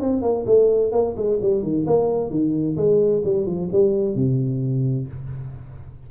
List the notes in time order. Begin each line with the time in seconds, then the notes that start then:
0.00 C4
0.21 A#3
0.46 A3
0.91 A#3
1.16 G#3
1.41 G3
1.62 D#3
1.86 A#3
2.30 D#3
2.76 G#3
3.24 G3
3.46 F3
3.72 G3
4.15 C3